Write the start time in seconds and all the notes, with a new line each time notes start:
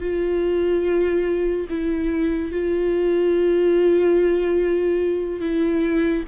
0.00 F4
1.69 E4
2.52 F4
5.41 E4